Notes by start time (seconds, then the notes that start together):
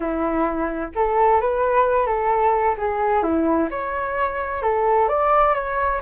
0.00 E4
0.95 A4
1.40 B4
2.06 A4
2.77 G#4
3.22 E4
3.70 C#5
4.62 A4
5.08 D5
5.54 C#5